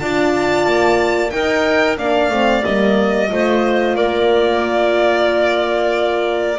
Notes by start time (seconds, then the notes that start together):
0.00 D4 F4 D5 A5
0.66 A#3
1.30 D#4 A#4 G5
1.98 A#3 D4 D5 F5
2.31 A3 C4
2.63 G3 A#3 D#5
3.29 A3 F4 C5
3.95 A#3 A#4 D5